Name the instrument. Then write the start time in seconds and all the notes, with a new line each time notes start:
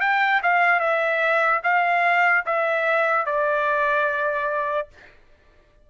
trumpet
0.00 G5
0.42 F5
0.80 E5
1.63 F5
2.45 E5
3.25 D5